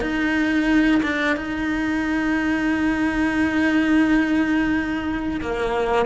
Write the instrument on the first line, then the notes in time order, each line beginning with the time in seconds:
cello
0.00 D#4
1.02 D4
1.36 D#4
5.41 A#3